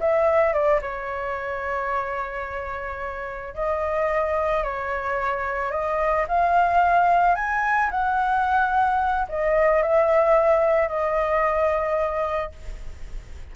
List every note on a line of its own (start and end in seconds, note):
0.00 0.53 E5
0.53 0.80 D5
0.82 3.54 C#5
3.55 4.64 D#5
4.64 5.71 C#5
5.71 6.26 D#5
6.28 7.35 F5
7.35 7.90 G#5
7.91 9.27 F#5
9.29 9.82 D#5
9.82 10.88 E5
10.88 12.52 D#5